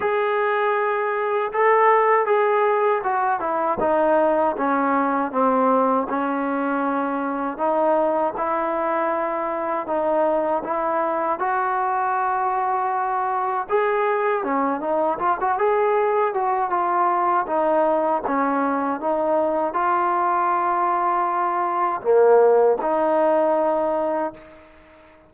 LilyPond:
\new Staff \with { instrumentName = "trombone" } { \time 4/4 \tempo 4 = 79 gis'2 a'4 gis'4 | fis'8 e'8 dis'4 cis'4 c'4 | cis'2 dis'4 e'4~ | e'4 dis'4 e'4 fis'4~ |
fis'2 gis'4 cis'8 dis'8 | f'16 fis'16 gis'4 fis'8 f'4 dis'4 | cis'4 dis'4 f'2~ | f'4 ais4 dis'2 | }